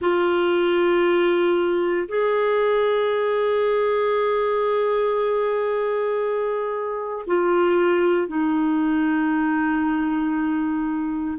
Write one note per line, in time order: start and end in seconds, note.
0.00 2.07 F4
2.08 7.25 G#4
7.26 8.27 F4
8.27 11.37 D#4